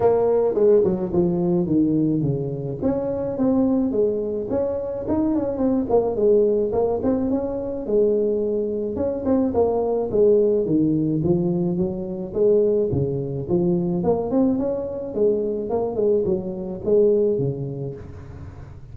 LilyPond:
\new Staff \with { instrumentName = "tuba" } { \time 4/4 \tempo 4 = 107 ais4 gis8 fis8 f4 dis4 | cis4 cis'4 c'4 gis4 | cis'4 dis'8 cis'8 c'8 ais8 gis4 | ais8 c'8 cis'4 gis2 |
cis'8 c'8 ais4 gis4 dis4 | f4 fis4 gis4 cis4 | f4 ais8 c'8 cis'4 gis4 | ais8 gis8 fis4 gis4 cis4 | }